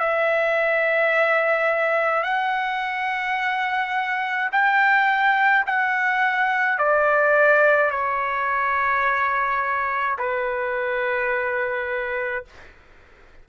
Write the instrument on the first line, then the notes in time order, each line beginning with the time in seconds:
trumpet
0.00 E5
2.23 F#5
4.52 G5
5.67 F#5
6.79 D5
7.91 C#5
10.19 B4